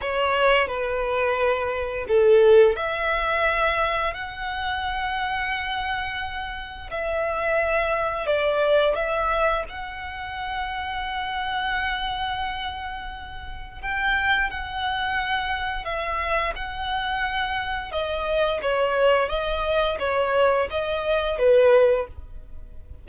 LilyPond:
\new Staff \with { instrumentName = "violin" } { \time 4/4 \tempo 4 = 87 cis''4 b'2 a'4 | e''2 fis''2~ | fis''2 e''2 | d''4 e''4 fis''2~ |
fis''1 | g''4 fis''2 e''4 | fis''2 dis''4 cis''4 | dis''4 cis''4 dis''4 b'4 | }